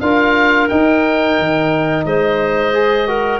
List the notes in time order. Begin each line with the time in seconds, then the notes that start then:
0.00 D4 F4 A#4 F5
0.68 D#4 G5
1.39 D#3
2.05 G#3 C5 D#5
2.73 G#4
3.07 F#4 A#4